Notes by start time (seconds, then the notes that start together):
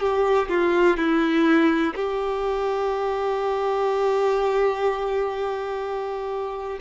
0.00 G4
0.49 F4
0.97 E4
1.95 G4